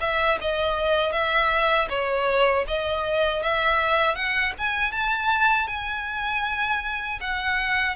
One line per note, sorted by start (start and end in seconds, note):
0.00 0.38 E5
0.41 1.12 D#5
1.12 1.88 E5
1.89 2.65 C#5
2.68 3.42 D#5
3.42 4.15 E5
4.15 4.53 F#5
4.58 4.92 G#5
4.92 5.67 A5
5.67 7.19 G#5
7.20 7.95 F#5